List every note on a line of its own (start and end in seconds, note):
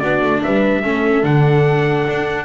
0.00 0.22 B3
0.00 0.83 D4
0.00 0.42 F#4
0.00 0.41 D5
0.22 0.43 A3
0.43 0.83 G3
0.43 0.83 B4
0.43 1.25 E5
0.83 1.24 A3
0.83 1.23 C#4
0.83 2.45 A4
1.23 2.06 D3
1.23 2.45 D4
1.23 2.45 F#5
2.08 2.45 D4